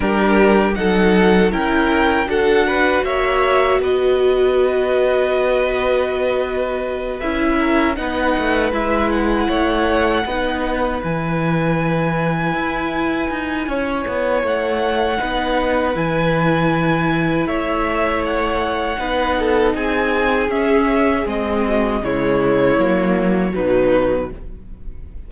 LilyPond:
<<
  \new Staff \with { instrumentName = "violin" } { \time 4/4 \tempo 4 = 79 ais'4 fis''4 g''4 fis''4 | e''4 dis''2.~ | dis''4. e''4 fis''4 e''8 | fis''2~ fis''8 gis''4.~ |
gis''2. fis''4~ | fis''4 gis''2 e''4 | fis''2 gis''4 e''4 | dis''4 cis''2 b'4 | }
  \new Staff \with { instrumentName = "violin" } { \time 4/4 g'4 a'4 ais'4 a'8 b'8 | cis''4 b'2.~ | b'2 ais'8 b'4.~ | b'8 cis''4 b'2~ b'8~ |
b'2 cis''2 | b'2. cis''4~ | cis''4 b'8 a'8 gis'2~ | gis'8 fis'8 e'2 dis'4 | }
  \new Staff \with { instrumentName = "viola" } { \time 4/4 d'4 dis'4 e'4 fis'4~ | fis'1~ | fis'4. e'4 dis'4 e'8~ | e'4. dis'4 e'4.~ |
e'1 | dis'4 e'2.~ | e'4 dis'2 cis'4 | c'4 gis4 ais4 fis4 | }
  \new Staff \with { instrumentName = "cello" } { \time 4/4 g4 fis4 cis'4 d'4 | ais4 b2.~ | b4. cis'4 b8 a8 gis8~ | gis8 a4 b4 e4.~ |
e8 e'4 dis'8 cis'8 b8 a4 | b4 e2 a4~ | a4 b4 c'4 cis'4 | gis4 cis4 fis4 b,4 | }
>>